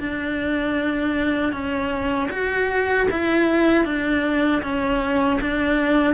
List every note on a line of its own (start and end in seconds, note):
0.00 1.53 D4
1.53 2.30 C#4
2.31 3.08 F#4
3.11 3.85 E4
3.85 4.62 D4
4.63 5.40 C#4
5.41 6.15 D4